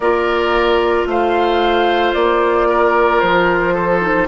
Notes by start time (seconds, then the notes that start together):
0.00 A#3 F4 A#4 D5
1.06 A3 C5 F5
2.13 A#3 D5
2.68 A#4
3.20 F3 C5
3.73 A4
4.01 D#4